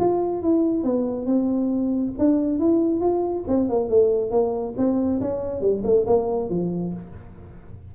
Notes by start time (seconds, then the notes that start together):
0.00 F4
0.43 E4
0.84 B3
1.26 C4
2.19 D4
2.59 E4
3.01 F4
3.48 C4
3.70 A#3
3.90 A3
4.31 A#3
4.77 C4
5.21 C#4
5.61 G3
5.84 A3
6.07 A#3
6.50 F3